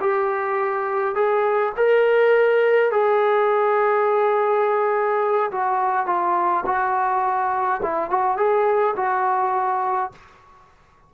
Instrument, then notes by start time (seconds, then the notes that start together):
trombone
0.00 G4
1.15 G#4
1.76 A#4
2.91 G#4
5.51 F#4
6.06 F4
6.65 F#4
7.82 E4
8.10 F#4
8.37 G#4
8.96 F#4